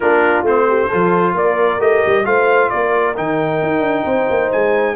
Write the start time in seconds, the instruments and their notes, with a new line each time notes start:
0.00 tuba A#3, trombone D4, horn F4, trumpet A#4
0.42 tuba A3, trombone C4, trumpet C5
0.68 horn G4
0.88 tuba F3, trombone F4, horn A4
1.34 tuba A#3, horn A#4, trumpet D5
1.79 tuba A3, trombone G4, trumpet D#5
2.06 tuba G3
2.24 tuba A3, trombone F4, horn C5, trumpet F5
2.69 tuba A#3, horn A#4, trumpet D5
3.16 tuba D#3, trombone D#4, trumpet G5
3.62 tuba D#4
3.80 tuba D4
4.05 tuba C4, horn C5
4.30 tuba A#3
4.52 tuba G#3, trumpet G#5